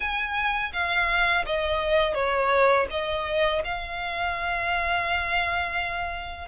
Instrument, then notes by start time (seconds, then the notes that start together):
violin
0.00 G#5
0.72 F5
1.46 D#5
2.14 C#5
2.90 D#5
3.64 F5